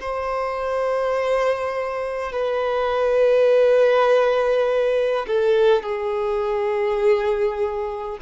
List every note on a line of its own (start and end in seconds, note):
0.00 2.32 C5
2.32 5.26 B4
5.27 5.82 A4
5.82 8.18 G#4